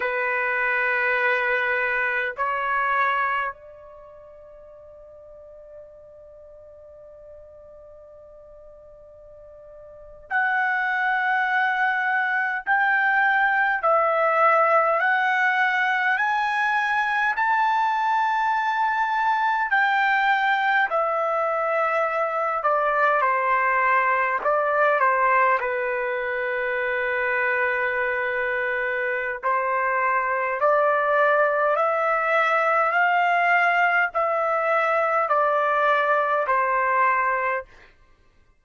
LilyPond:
\new Staff \with { instrumentName = "trumpet" } { \time 4/4 \tempo 4 = 51 b'2 cis''4 d''4~ | d''1~ | d''8. fis''2 g''4 e''16~ | e''8. fis''4 gis''4 a''4~ a''16~ |
a''8. g''4 e''4. d''8 c''16~ | c''8. d''8 c''8 b'2~ b'16~ | b'4 c''4 d''4 e''4 | f''4 e''4 d''4 c''4 | }